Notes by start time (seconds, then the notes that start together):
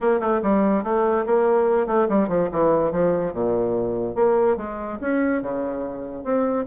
0.00 A#3
0.20 A3
0.42 G3
0.83 A3
1.26 A#3
1.87 A3
2.09 G3
2.28 F3
2.51 E3
2.91 F3
3.33 A#2
4.15 A#3
4.57 G#3
5.00 C#4
5.42 C#3
6.24 C4